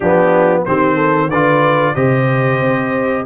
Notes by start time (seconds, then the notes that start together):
0.00 F3 B3 D4 G4
0.65 D#3 C4 G4 C5
0.95 A4
1.29 D3 F4 B4 D5
1.94 C3 G4 C5 D#5
2.61 C4